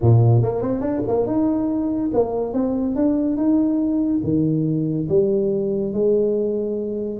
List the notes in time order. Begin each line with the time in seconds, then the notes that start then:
0.01 A#2
0.42 A#3
0.61 C4
0.80 D4
1.07 A#3
1.26 D#4
2.13 A#3
2.53 C4
2.95 D4
3.36 D#4
4.23 D#3
5.08 G3
5.93 G#3